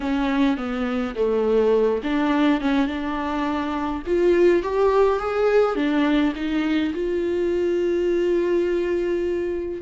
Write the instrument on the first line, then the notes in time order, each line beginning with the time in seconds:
viola
0.00 C#4
0.57 B3
1.15 A3
2.03 D4
2.60 C#4
2.87 D4
4.06 F4
4.62 G4
5.19 G#4
5.75 D4
6.35 D#4
6.94 F4